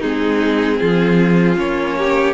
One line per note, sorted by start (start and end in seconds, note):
0.00 0.80 G#3
0.00 1.55 C4
0.00 0.78 D#4
0.00 1.57 G#4
0.79 1.57 F3
0.79 1.96 F4
1.55 2.34 A#3
1.55 2.33 C#4
1.55 2.34 C#5
1.97 2.34 G4